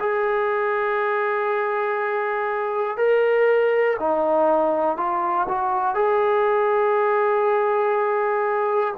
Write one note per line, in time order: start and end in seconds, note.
0.00 2.97 G#4
2.97 3.97 A#4
4.00 4.97 D#4
4.97 5.47 F4
5.49 5.95 F#4
5.95 8.95 G#4